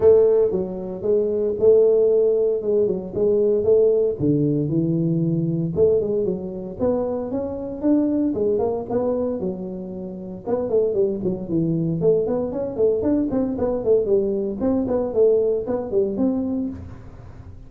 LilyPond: \new Staff \with { instrumentName = "tuba" } { \time 4/4 \tempo 4 = 115 a4 fis4 gis4 a4~ | a4 gis8 fis8 gis4 a4 | d4 e2 a8 gis8 | fis4 b4 cis'4 d'4 |
gis8 ais8 b4 fis2 | b8 a8 g8 fis8 e4 a8 b8 | cis'8 a8 d'8 c'8 b8 a8 g4 | c'8 b8 a4 b8 g8 c'4 | }